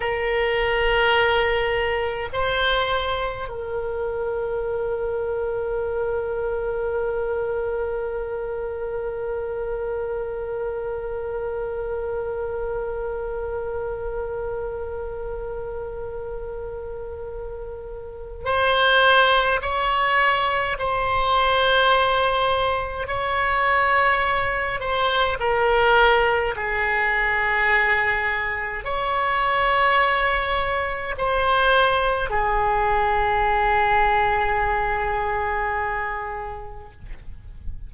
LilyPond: \new Staff \with { instrumentName = "oboe" } { \time 4/4 \tempo 4 = 52 ais'2 c''4 ais'4~ | ais'1~ | ais'1~ | ais'1 |
c''4 cis''4 c''2 | cis''4. c''8 ais'4 gis'4~ | gis'4 cis''2 c''4 | gis'1 | }